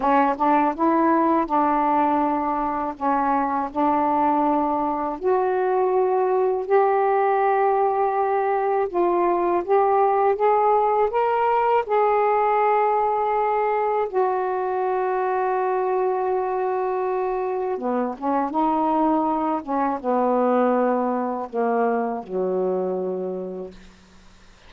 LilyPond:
\new Staff \with { instrumentName = "saxophone" } { \time 4/4 \tempo 4 = 81 cis'8 d'8 e'4 d'2 | cis'4 d'2 fis'4~ | fis'4 g'2. | f'4 g'4 gis'4 ais'4 |
gis'2. fis'4~ | fis'1 | b8 cis'8 dis'4. cis'8 b4~ | b4 ais4 fis2 | }